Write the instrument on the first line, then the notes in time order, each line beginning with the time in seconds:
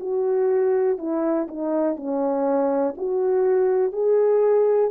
horn
0.00 F#4
0.98 E4
1.48 D#4
1.96 C#4
2.97 F#4
3.92 G#4